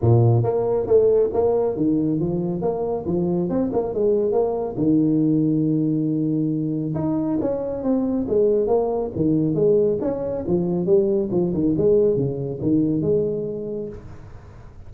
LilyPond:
\new Staff \with { instrumentName = "tuba" } { \time 4/4 \tempo 4 = 138 ais,4 ais4 a4 ais4 | dis4 f4 ais4 f4 | c'8 ais8 gis4 ais4 dis4~ | dis1 |
dis'4 cis'4 c'4 gis4 | ais4 dis4 gis4 cis'4 | f4 g4 f8 dis8 gis4 | cis4 dis4 gis2 | }